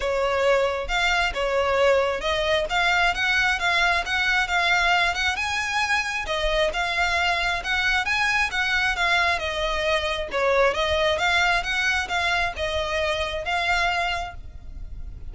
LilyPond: \new Staff \with { instrumentName = "violin" } { \time 4/4 \tempo 4 = 134 cis''2 f''4 cis''4~ | cis''4 dis''4 f''4 fis''4 | f''4 fis''4 f''4. fis''8 | gis''2 dis''4 f''4~ |
f''4 fis''4 gis''4 fis''4 | f''4 dis''2 cis''4 | dis''4 f''4 fis''4 f''4 | dis''2 f''2 | }